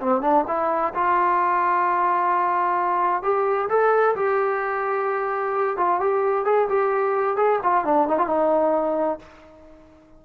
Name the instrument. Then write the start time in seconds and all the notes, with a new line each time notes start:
trombone
0.00 C4
0.21 D4
0.47 E4
0.94 F4
3.22 G4
3.69 A4
4.16 G4
5.77 F4
6.00 G4
6.45 G#4
6.69 G4
7.36 G#4
7.63 F4
7.84 D4
8.07 D#4
8.18 F4
8.27 D#4